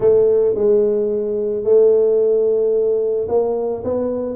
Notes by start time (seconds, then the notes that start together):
0.00 A3
0.54 G#3
1.64 A3
3.28 A#3
3.84 B3